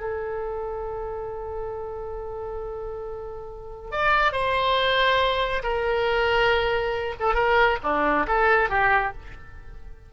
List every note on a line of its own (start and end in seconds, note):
0.00 3.91 A4
3.92 4.32 D5
4.32 5.63 C5
5.63 7.15 A#4
7.20 7.34 A4
7.34 7.78 A#4
7.83 8.27 D4
8.27 8.69 A4
8.69 9.13 G4